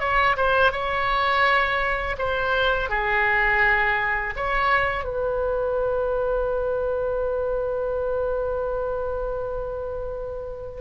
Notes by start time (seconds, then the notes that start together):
0.00 C#5
0.37 C5
0.72 C#5
2.18 C5
2.89 G#4
4.36 C#5
5.04 B4